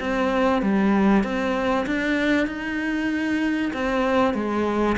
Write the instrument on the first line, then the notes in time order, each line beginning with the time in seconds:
cello
0.00 C4
0.62 G3
1.23 C4
1.86 D4
2.47 D#4
3.73 C4
4.34 G#3